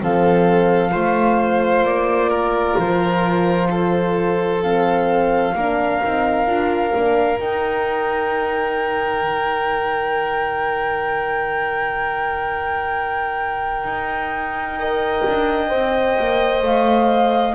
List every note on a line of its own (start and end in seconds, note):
0.00 0.93 F3
0.00 0.91 C4
0.00 0.91 A4
0.00 1.85 F5
0.91 1.82 A3
0.91 4.60 F4
0.91 2.29 C5
1.82 2.75 A#3
1.82 2.77 D5
2.29 3.68 A#4
2.78 5.54 F3
2.78 4.62 C5
3.70 5.55 A4
4.62 5.55 C4
4.62 7.39 F5
5.54 6.00 A#3
5.54 6.03 D4
5.54 14.79 A#4
6.03 6.46 C4
6.03 6.46 D#4
6.46 6.92 D4
6.46 6.92 F4
6.95 7.39 A#3
6.95 7.40 D4
7.39 9.22 D#4
7.39 14.78 D#4
7.39 16.62 G5
9.22 13.83 D#3
13.83 15.22 D#4
14.78 15.68 A#4
14.78 17.54 D#5
15.27 15.71 D4
15.68 16.17 C4
15.68 17.53 C5
16.18 16.62 A#3
16.62 17.54 A3
16.62 17.54 F5